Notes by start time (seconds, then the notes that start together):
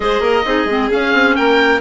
0.00 G#3 G#4 C5 D#5
0.20 A#3 A#4
0.45 C4 D#4 G#4
0.65 G#3 C4
0.90 C#4 F5
1.13 C4
1.35 A#3 A#4 G5